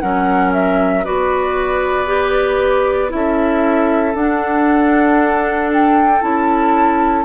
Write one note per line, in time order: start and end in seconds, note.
0.00 1.06 F#3
0.00 1.04 C#4
0.00 1.04 A#4
0.00 0.52 F#5
0.53 1.05 E5
1.04 3.13 B3
1.04 2.06 F#4
1.04 3.11 B4
1.04 3.12 D5
2.06 3.09 G4
3.09 4.14 C#4
3.09 4.13 E4
3.09 4.16 E5
3.16 7.25 A4
4.14 6.21 D4
4.14 5.71 F#5
5.73 6.22 G5
6.21 7.25 C#4
6.21 7.25 E4
6.21 7.25 A5